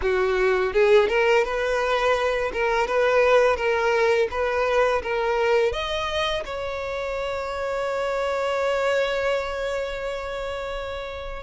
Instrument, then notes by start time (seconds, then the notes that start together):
violin
0.01 F#4
0.73 G#4
1.08 A#4
1.44 B4
2.52 A#4
2.87 B4
3.56 A#4
4.30 B4
5.02 A#4
5.72 D#5
6.44 C#5